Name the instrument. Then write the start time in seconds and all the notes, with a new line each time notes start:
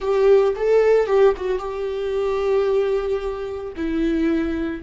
viola
0.00 G4
0.56 A4
1.06 G4
1.37 F#4
1.59 G4
3.76 E4